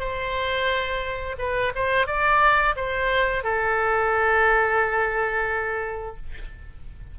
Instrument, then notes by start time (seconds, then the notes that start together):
oboe
0.00 C5
1.39 B4
1.76 C5
2.08 D5
2.77 C5
3.44 A4